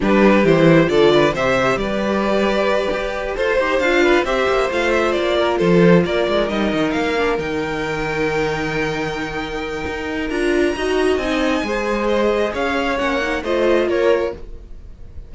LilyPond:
<<
  \new Staff \with { instrumentName = "violin" } { \time 4/4 \tempo 4 = 134 b'4 c''4 d''4 e''4 | d''2.~ d''8 c''8~ | c''8 f''4 e''4 f''8 e''8 d''8~ | d''8 c''4 d''4 dis''4 f''8~ |
f''8 g''2.~ g''8~ | g''2. ais''4~ | ais''4 gis''2 dis''4 | f''4 fis''4 dis''4 cis''4 | }
  \new Staff \with { instrumentName = "violin" } { \time 4/4 g'2 a'8 b'8 c''4 | b'2.~ b'8 c''8~ | c''4 b'8 c''2~ c''8 | ais'8 a'4 ais'2~ ais'8~ |
ais'1~ | ais'1 | dis''2 c''2 | cis''2 c''4 ais'4 | }
  \new Staff \with { instrumentName = "viola" } { \time 4/4 d'4 e'4 f'4 g'4~ | g'2.~ g'8 a'8 | g'8 f'4 g'4 f'4.~ | f'2~ f'8 dis'4. |
d'8 dis'2.~ dis'8~ | dis'2. f'4 | fis'4 dis'4 gis'2~ | gis'4 cis'8 dis'8 f'2 | }
  \new Staff \with { instrumentName = "cello" } { \time 4/4 g4 e4 d4 c4 | g2~ g8 g'4 f'8 | dis'8 d'4 c'8 ais8 a4 ais8~ | ais8 f4 ais8 gis8 g8 dis8 ais8~ |
ais8 dis2.~ dis8~ | dis2 dis'4 d'4 | dis'4 c'4 gis2 | cis'4 ais4 a4 ais4 | }
>>